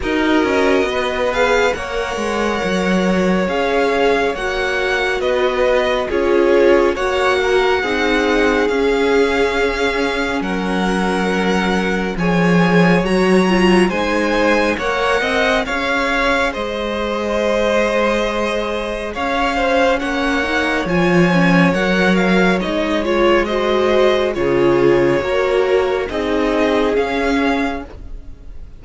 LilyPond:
<<
  \new Staff \with { instrumentName = "violin" } { \time 4/4 \tempo 4 = 69 dis''4. f''8 fis''2 | f''4 fis''4 dis''4 cis''4 | fis''2 f''2 | fis''2 gis''4 ais''4 |
gis''4 fis''4 f''4 dis''4~ | dis''2 f''4 fis''4 | gis''4 fis''8 f''8 dis''8 cis''8 dis''4 | cis''2 dis''4 f''4 | }
  \new Staff \with { instrumentName = "violin" } { \time 4/4 ais'4 b'4 cis''2~ | cis''2 b'4 gis'4 | cis''8 ais'8 gis'2. | ais'2 cis''2 |
c''4 cis''8 dis''8 cis''4 c''4~ | c''2 cis''8 c''8 cis''4~ | cis''2. c''4 | gis'4 ais'4 gis'2 | }
  \new Staff \with { instrumentName = "viola" } { \time 4/4 fis'4. gis'8 ais'2 | gis'4 fis'2 f'4 | fis'4 dis'4 cis'2~ | cis'2 gis'4 fis'8 f'8 |
dis'4 ais'4 gis'2~ | gis'2. cis'8 dis'8 | f'8 cis'8 ais'4 dis'8 f'8 fis'4 | f'4 fis'4 dis'4 cis'4 | }
  \new Staff \with { instrumentName = "cello" } { \time 4/4 dis'8 cis'8 b4 ais8 gis8 fis4 | cis'4 ais4 b4 cis'4 | ais4 c'4 cis'2 | fis2 f4 fis4 |
gis4 ais8 c'8 cis'4 gis4~ | gis2 cis'4 ais4 | f4 fis4 gis2 | cis4 ais4 c'4 cis'4 | }
>>